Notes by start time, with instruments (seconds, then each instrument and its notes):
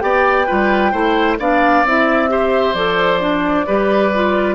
0.00 bassoon B3, clarinet G4, oboe D5, flute G5
0.47 bassoon G3, clarinet F4, oboe B4
0.92 bassoon A3, clarinet E4, oboe C5
1.39 bassoon B3, clarinet D4, oboe D5, flute F5
1.84 bassoon C4, clarinet E4, flute E5
2.29 clarinet G4, oboe C5
2.75 bassoon F3, clarinet A4, flute D5
3.20 clarinet D4
3.67 bassoon G3, clarinet G4, oboe B4
4.15 clarinet F4